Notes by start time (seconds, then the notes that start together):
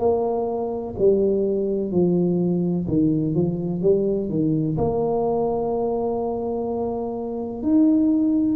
0.00 A#3
0.99 G3
1.92 F3
2.88 D#3
3.35 F3
3.82 G3
4.30 D#3
4.77 A#3
7.63 D#4